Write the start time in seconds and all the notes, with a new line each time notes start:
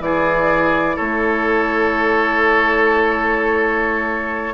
0.00 E3 E4 G#4 D5
0.96 A3 A4 C#5